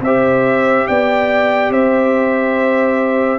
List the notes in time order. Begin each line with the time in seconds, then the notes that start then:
0.00 C4 G4 C5 E5
0.87 B3 D5 G5
1.70 C4 C5 E5